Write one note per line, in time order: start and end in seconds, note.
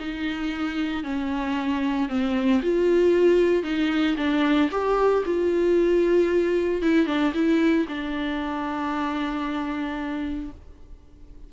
0.00 1.04 D#4
1.04 2.09 C#4
2.09 2.61 C4
2.63 3.64 F4
3.64 4.16 D#4
4.18 4.70 D4
4.71 5.24 G4
5.26 6.83 F4
6.83 7.07 E4
7.07 7.33 D4
7.34 7.87 E4
7.89 10.52 D4